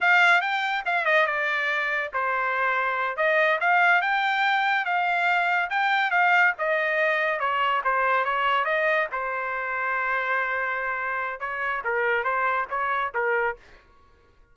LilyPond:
\new Staff \with { instrumentName = "trumpet" } { \time 4/4 \tempo 4 = 142 f''4 g''4 f''8 dis''8 d''4~ | d''4 c''2~ c''8 dis''8~ | dis''8 f''4 g''2 f''8~ | f''4. g''4 f''4 dis''8~ |
dis''4. cis''4 c''4 cis''8~ | cis''8 dis''4 c''2~ c''8~ | c''2. cis''4 | ais'4 c''4 cis''4 ais'4 | }